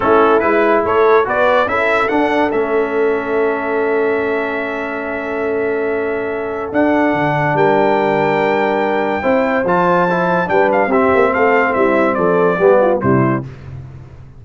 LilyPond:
<<
  \new Staff \with { instrumentName = "trumpet" } { \time 4/4 \tempo 4 = 143 a'4 b'4 cis''4 d''4 | e''4 fis''4 e''2~ | e''1~ | e''1 |
fis''2 g''2~ | g''2. a''4~ | a''4 g''8 f''8 e''4 f''4 | e''4 d''2 c''4 | }
  \new Staff \with { instrumentName = "horn" } { \time 4/4 e'2 a'4 b'4 | a'1~ | a'1~ | a'1~ |
a'2 ais'2~ | ais'2 c''2~ | c''4 b'4 g'4 a'4 | e'4 a'4 g'8 f'8 e'4 | }
  \new Staff \with { instrumentName = "trombone" } { \time 4/4 cis'4 e'2 fis'4 | e'4 d'4 cis'2~ | cis'1~ | cis'1 |
d'1~ | d'2 e'4 f'4 | e'4 d'4 c'2~ | c'2 b4 g4 | }
  \new Staff \with { instrumentName = "tuba" } { \time 4/4 a4 gis4 a4 b4 | cis'4 d'4 a2~ | a1~ | a1 |
d'4 d4 g2~ | g2 c'4 f4~ | f4 g4 c'8 ais8 a4 | g4 f4 g4 c4 | }
>>